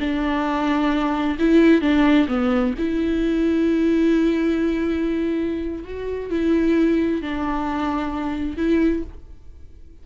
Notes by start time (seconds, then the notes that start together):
0.00 D4
1.39 E4
1.82 D4
2.28 B3
2.79 E4
5.85 F#4
6.30 E4
7.22 D4
8.57 E4